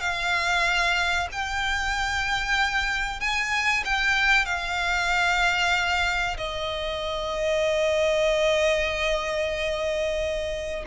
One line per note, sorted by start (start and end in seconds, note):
0.00 1.28 F5
1.31 3.20 G5
3.20 3.84 G#5
3.84 4.45 G5
4.45 6.37 F5
6.37 10.84 D#5